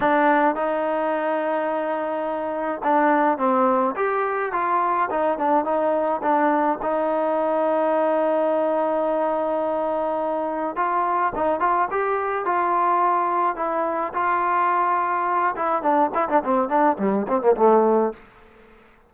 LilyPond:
\new Staff \with { instrumentName = "trombone" } { \time 4/4 \tempo 4 = 106 d'4 dis'2.~ | dis'4 d'4 c'4 g'4 | f'4 dis'8 d'8 dis'4 d'4 | dis'1~ |
dis'2. f'4 | dis'8 f'8 g'4 f'2 | e'4 f'2~ f'8 e'8 | d'8 e'16 d'16 c'8 d'8 g8 c'16 ais16 a4 | }